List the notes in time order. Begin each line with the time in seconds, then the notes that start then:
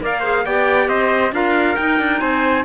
0.00 A#3 A#4 D5 F5
0.20 G#4 C5
0.45 B3 G4 D5 G5
0.88 C4 C5 D#5
1.32 D4 F4 A#4 F5
1.76 D#4 G5
1.99 D4
2.19 C4 C5 G#5